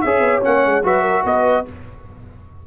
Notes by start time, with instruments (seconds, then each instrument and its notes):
0.00 tuba C#4, trombone G#4, horn C#5, trumpet E5
0.20 tuba B3
0.41 tuba A#3, trombone C#4, trumpet F#5
0.65 tuba G#3
0.83 tuba F#3, trombone F#4, horn B4, trumpet E5
1.02 horn A#4
1.23 tuba B3, horn B4, trumpet D#5